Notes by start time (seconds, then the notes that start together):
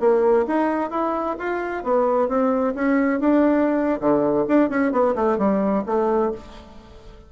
0.00 A#3
0.47 D#4
0.91 E4
1.39 F4
1.84 B3
2.28 C4
2.75 C#4
3.20 D4
4.00 D3
4.48 D4
4.70 C#4
4.92 B3
5.15 A3
5.38 G3
5.86 A3